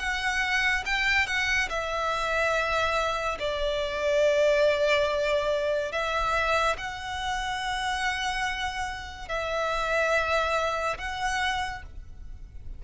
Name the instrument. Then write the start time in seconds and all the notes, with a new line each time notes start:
violin
0.00 F#5
0.86 G5
1.27 F#5
1.69 E5
3.40 D5
5.92 E5
6.78 F#5
9.29 E5
10.99 F#5